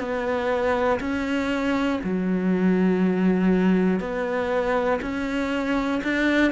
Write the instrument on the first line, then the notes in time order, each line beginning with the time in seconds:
cello
0.00 B3
1.00 C#4
2.04 F#3
4.00 B3
5.01 C#4
6.04 D4